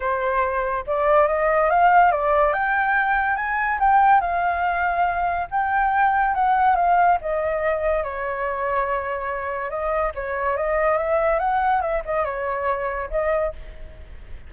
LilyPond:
\new Staff \with { instrumentName = "flute" } { \time 4/4 \tempo 4 = 142 c''2 d''4 dis''4 | f''4 d''4 g''2 | gis''4 g''4 f''2~ | f''4 g''2 fis''4 |
f''4 dis''2 cis''4~ | cis''2. dis''4 | cis''4 dis''4 e''4 fis''4 | e''8 dis''8 cis''2 dis''4 | }